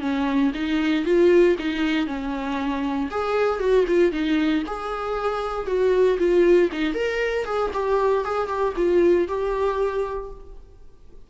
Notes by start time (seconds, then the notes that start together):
0.00 C#4
0.54 D#4
1.05 F4
1.58 D#4
2.07 C#4
3.10 G#4
3.59 F#4
3.87 F4
4.12 D#4
4.66 G#4
5.66 F#4
6.18 F4
6.72 D#4
6.94 A#4
7.45 G#4
7.73 G4
8.24 G#4
8.48 G4
8.76 F4
9.28 G4